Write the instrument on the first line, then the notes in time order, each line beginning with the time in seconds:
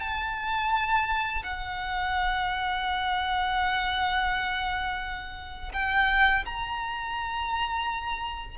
violin
0.00 A5
1.44 F#5
5.73 G5
6.45 A#5